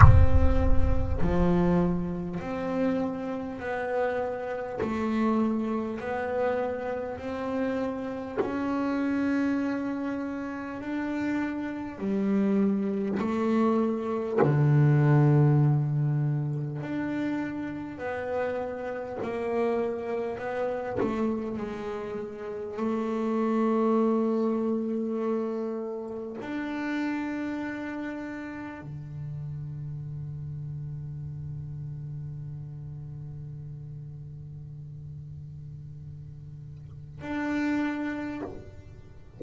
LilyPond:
\new Staff \with { instrumentName = "double bass" } { \time 4/4 \tempo 4 = 50 c'4 f4 c'4 b4 | a4 b4 c'4 cis'4~ | cis'4 d'4 g4 a4 | d2 d'4 b4 |
ais4 b8 a8 gis4 a4~ | a2 d'2 | d1~ | d2. d'4 | }